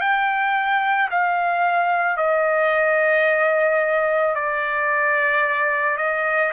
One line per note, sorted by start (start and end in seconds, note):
0.00 1.09 G5
1.11 2.17 F5
2.17 4.35 D#5
4.35 5.97 D5
5.97 6.52 D#5